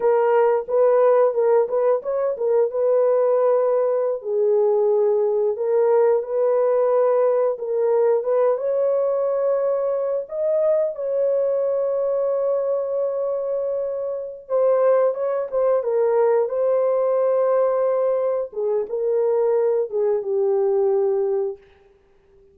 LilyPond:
\new Staff \with { instrumentName = "horn" } { \time 4/4 \tempo 4 = 89 ais'4 b'4 ais'8 b'8 cis''8 ais'8 | b'2~ b'16 gis'4.~ gis'16~ | gis'16 ais'4 b'2 ais'8.~ | ais'16 b'8 cis''2~ cis''8 dis''8.~ |
dis''16 cis''2.~ cis''8.~ | cis''4. c''4 cis''8 c''8 ais'8~ | ais'8 c''2. gis'8 | ais'4. gis'8 g'2 | }